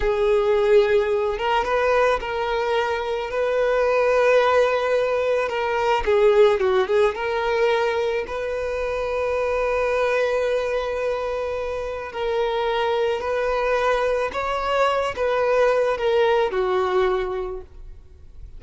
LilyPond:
\new Staff \with { instrumentName = "violin" } { \time 4/4 \tempo 4 = 109 gis'2~ gis'8 ais'8 b'4 | ais'2 b'2~ | b'2 ais'4 gis'4 | fis'8 gis'8 ais'2 b'4~ |
b'1~ | b'2 ais'2 | b'2 cis''4. b'8~ | b'4 ais'4 fis'2 | }